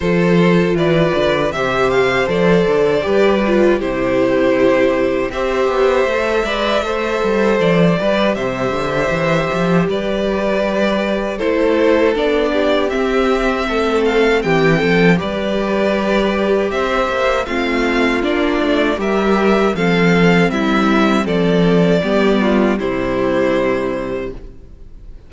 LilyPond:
<<
  \new Staff \with { instrumentName = "violin" } { \time 4/4 \tempo 4 = 79 c''4 d''4 e''8 f''8 d''4~ | d''4 c''2 e''4~ | e''2 d''4 e''4~ | e''4 d''2 c''4 |
d''4 e''4. f''8 g''4 | d''2 e''4 f''4 | d''4 e''4 f''4 e''4 | d''2 c''2 | }
  \new Staff \with { instrumentName = "violin" } { \time 4/4 a'4 b'4 c''2 | b'4 g'2 c''4~ | c''8 d''8 c''4. b'8 c''4~ | c''4 b'2 a'4~ |
a'8 g'4. a'4 g'8 a'8 | b'2 c''4 f'4~ | f'4 ais'4 a'4 e'4 | a'4 g'8 f'8 e'2 | }
  \new Staff \with { instrumentName = "viola" } { \time 4/4 f'2 g'4 a'4 | g'8 f'8 e'2 g'4 | a'8 b'8 a'4. g'4.~ | g'2. e'4 |
d'4 c'2. | g'2. c'4 | d'4 g'4 c'2~ | c'4 b4 g2 | }
  \new Staff \with { instrumentName = "cello" } { \time 4/4 f4 e8 d8 c4 f8 d8 | g4 c2 c'8 b8 | a8 gis8 a8 g8 f8 g8 c8 d8 | e8 f8 g2 a4 |
b4 c'4 a4 e8 f8 | g2 c'8 ais8 a4 | ais8 a8 g4 f4 g4 | f4 g4 c2 | }
>>